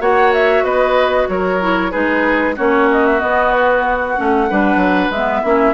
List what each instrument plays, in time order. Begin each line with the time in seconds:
0.00 bassoon A#3, clarinet F#4, oboe C#5, flute F#5
0.33 flute E5
0.63 bassoon B3, oboe B4, flute D#5
1.29 bassoon F#3, oboe A#4, flute C#5
1.61 clarinet E4
1.91 bassoon G#3, clarinet D#4, oboe G#4, flute B4
2.56 bassoon A#3, clarinet C#4, oboe F#4, flute C#5
2.91 flute D#5
3.06 flute E5
3.20 clarinet B3, bassoon B3, flute D#5
3.52 flute B4
3.86 flute F#5
4.16 bassoon A3, clarinet C#4
4.50 bassoon G3, clarinet D4, oboe B4
4.76 bassoon F#3
5.10 bassoon G#3, clarinet B3, flute E5
5.42 bassoon A#3, clarinet C#4, oboe E4